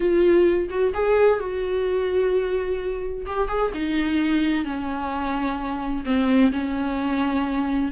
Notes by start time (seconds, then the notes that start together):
0.00 F4
0.69 F#4
0.93 G#4
1.39 F#4
3.26 G4
3.48 G#4
3.74 D#4
4.64 C#4
6.05 C4
6.52 C#4